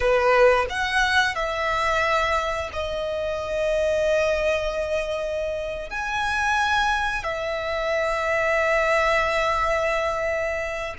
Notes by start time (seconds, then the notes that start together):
0.00 B4
0.69 F#5
1.35 E5
2.72 D#5
5.90 G#5
7.23 E5